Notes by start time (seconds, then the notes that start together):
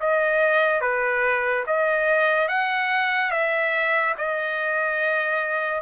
0.00 D#5
0.81 B4
1.66 D#5
2.48 F#5
3.31 E5
4.18 D#5